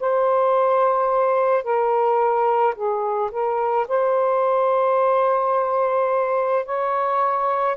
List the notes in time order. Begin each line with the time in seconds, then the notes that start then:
0.00 C5
1.64 A#4
2.75 G#4
3.31 A#4
3.88 C5
6.66 C#5